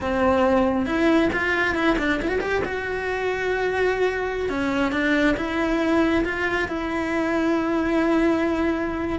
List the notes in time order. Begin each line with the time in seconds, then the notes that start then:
0.01 C4
0.85 E4
1.32 F4
1.74 E4
1.98 D4
2.22 E4
2.28 F#4
2.40 G4
2.64 F#4
4.49 C#4
4.92 D4
5.36 E4
6.24 F4
6.68 E4